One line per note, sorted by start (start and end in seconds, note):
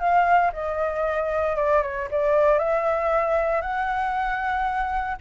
0.00 0.52 F5
0.53 1.57 D#5
1.57 1.82 D5
1.82 2.08 C#5
2.11 2.59 D5
2.59 3.62 E5
3.62 5.17 F#5